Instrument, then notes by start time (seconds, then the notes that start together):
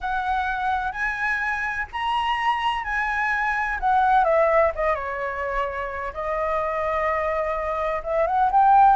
flute
0.01 F#5
0.92 G#5
1.92 A#5
2.83 G#5
3.80 F#5
4.24 E5
4.75 D#5
4.95 C#5
6.13 D#5
8.03 E5
8.27 F#5
8.51 G5